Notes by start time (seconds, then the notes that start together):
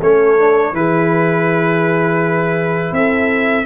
0.00 A3 C#4 A4 C#5
0.38 D4
0.72 E3 E4 G#4 B4
2.91 C4 A4 E5